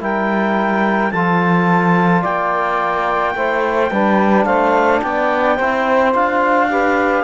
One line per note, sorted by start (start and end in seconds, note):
0.00 1.12 G3
0.00 1.11 E4
0.00 1.12 A#4
0.00 1.11 G5
1.11 2.23 F3
1.11 3.36 F4
1.11 2.21 A4
1.11 2.22 A5
2.21 3.35 A#3
2.21 3.32 D5
2.21 4.45 G5
3.35 3.90 A3
3.35 3.92 E4
3.35 3.92 C5
3.91 4.46 G3
3.91 5.60 D4
3.91 4.46 B4
4.45 5.01 A3
4.45 5.01 C5
4.45 5.00 F5
5.01 5.59 B3
5.01 5.56 D5
5.01 6.12 G5
5.56 6.14 C4
5.56 6.13 E4
5.56 6.67 C5
6.13 7.23 D4
6.13 6.69 F4
6.13 7.23 F5
6.69 7.23 G4
6.69 7.23 B4